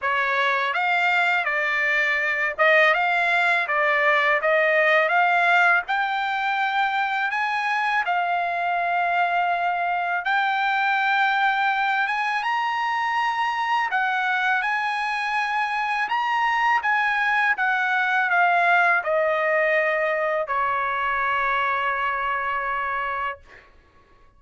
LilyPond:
\new Staff \with { instrumentName = "trumpet" } { \time 4/4 \tempo 4 = 82 cis''4 f''4 d''4. dis''8 | f''4 d''4 dis''4 f''4 | g''2 gis''4 f''4~ | f''2 g''2~ |
g''8 gis''8 ais''2 fis''4 | gis''2 ais''4 gis''4 | fis''4 f''4 dis''2 | cis''1 | }